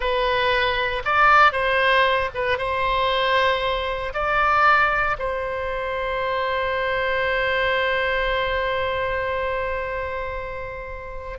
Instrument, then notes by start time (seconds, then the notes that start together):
oboe
0.00 B4
1.04 D5
1.52 C5
2.34 B4
2.57 C5
4.13 D5
5.18 C5